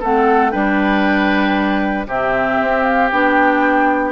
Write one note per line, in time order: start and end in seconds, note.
0.00 0.54 A3
0.00 0.52 C4
0.00 0.51 A4
0.00 0.51 F#5
0.51 2.06 G3
0.51 2.07 D4
0.51 2.06 B4
0.51 2.06 G5
2.06 2.58 C3
2.06 3.10 C4
2.06 4.11 G4
2.06 2.83 E5
2.61 3.12 C4
2.83 3.09 F5
3.11 4.11 B3
3.11 4.11 D4
3.11 4.11 G5